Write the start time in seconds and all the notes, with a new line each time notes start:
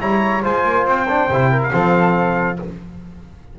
0.00 G3 E4 C#5 A#5
0.43 G#3 F4 C5 G#5
0.64 A#3
0.86 C4 G5
1.09 D4
1.29 C3 E4
1.51 A#4
1.63 F5
1.71 F3 C4 A4